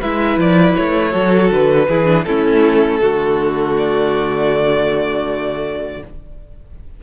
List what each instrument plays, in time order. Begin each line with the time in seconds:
0.00 cello G#3, viola E4, violin B4 E5
0.37 cello F3, violin D5
0.76 cello A3, violin C#5
1.11 cello F#3, viola F#4, violin A4
1.51 cello D3, violin B4
1.88 cello E3, viola E4, violin G#4
2.05 viola D4
2.24 cello A3, viola C#4, violin E4 A4
3.01 cello D3, viola A3, violin F#4
3.78 violin D5